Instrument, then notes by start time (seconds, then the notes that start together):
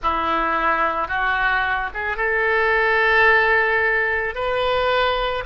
oboe
0.02 E4
1.08 F#4
1.93 G#4
2.16 A4
4.34 B4